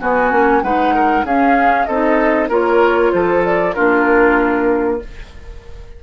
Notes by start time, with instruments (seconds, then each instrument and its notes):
0.00 clarinet B3, bassoon B3, oboe F#4, flute G#5
0.31 bassoon A#3, clarinet C#4
0.62 bassoon G#3, clarinet D#4, oboe B4, flute F#5
0.94 oboe A#4
1.24 bassoon C#4, clarinet C#4, oboe G#4, flute F5
1.85 bassoon C4, clarinet D#4, oboe A4, flute D#5
2.49 bassoon A#3, clarinet F4, oboe A#4, flute C#5
3.12 bassoon F3, oboe A4, flute C5
3.45 flute D5
3.73 bassoon A#3, clarinet D4, oboe F4, flute A#4